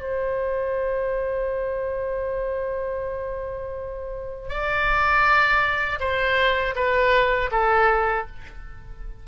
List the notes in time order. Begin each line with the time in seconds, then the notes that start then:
0.00 C5
4.48 D5
5.99 C5
6.75 B4
7.51 A4